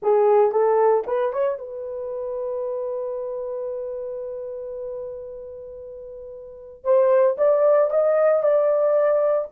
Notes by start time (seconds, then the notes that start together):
0.02 G#4
0.51 A4
1.06 B4
1.33 C#5
1.58 B4
6.84 C5
7.37 D5
7.90 D#5
8.42 D5